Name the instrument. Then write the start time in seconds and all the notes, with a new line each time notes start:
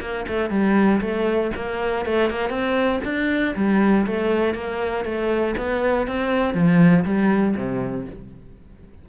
cello
0.00 A#3
0.28 A3
0.50 G3
1.00 A3
1.55 A#3
2.05 A3
2.30 A#3
2.49 C4
3.04 D4
3.55 G3
4.06 A3
4.54 A#3
5.04 A3
5.57 B3
6.07 C4
6.54 F3
7.04 G3
7.56 C3